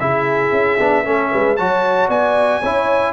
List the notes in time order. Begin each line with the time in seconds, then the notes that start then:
0.00 C#3 E4 G#4 E5
0.51 C#4
0.79 B3 D4
1.05 A3 C#4 A4
1.32 G#3 B4
1.57 F#3 F#4 C#5 A5
2.08 B3 D5 G#5
2.60 C#4 E4 C#5